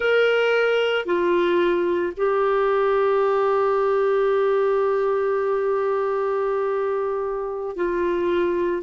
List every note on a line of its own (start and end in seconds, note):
0.00 1.05 A#4
1.05 2.12 F4
2.16 7.76 G4
7.76 8.82 F4